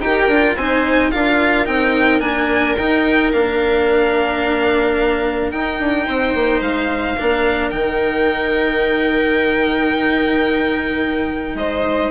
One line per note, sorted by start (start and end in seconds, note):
0.00 0.28 D#4
0.00 0.30 G4
0.00 0.57 A#4
0.00 0.56 G5
0.28 0.55 D4
0.28 0.58 F4
0.57 1.12 C4
0.57 1.12 D#4
0.57 1.12 C5
0.57 1.11 G#5
1.11 1.68 D4
1.11 1.65 F4
1.11 6.07 A#4
1.11 1.66 F5
1.65 2.21 C4
1.65 2.21 D#4
1.65 2.21 G5
2.21 2.76 A#3
2.21 2.76 D4
2.21 2.76 G#5
2.77 3.33 D#4
2.77 3.32 G5
3.32 5.53 A#3
3.32 5.52 D4
3.32 5.51 F5
5.51 7.17 D#4
5.51 5.80 D#4
5.51 6.61 G5
5.80 6.07 D4
6.07 6.34 C4
6.07 7.17 C5
6.34 6.61 A#3
6.61 7.16 G#3
6.61 7.71 F5
7.17 7.72 A#3
7.17 7.71 D4
7.17 11.58 A#4
7.71 11.55 D#3
7.71 12.11 D#4
7.71 11.56 G5
11.55 12.10 G#3
11.55 12.11 C5
11.55 12.11 D#5